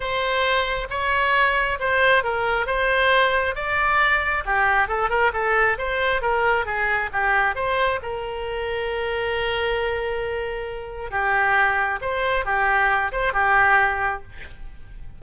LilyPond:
\new Staff \with { instrumentName = "oboe" } { \time 4/4 \tempo 4 = 135 c''2 cis''2 | c''4 ais'4 c''2 | d''2 g'4 a'8 ais'8 | a'4 c''4 ais'4 gis'4 |
g'4 c''4 ais'2~ | ais'1~ | ais'4 g'2 c''4 | g'4. c''8 g'2 | }